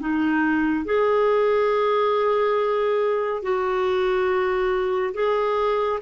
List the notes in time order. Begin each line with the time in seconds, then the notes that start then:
0.00 D#4
0.85 G#4
3.42 F#4
5.14 G#4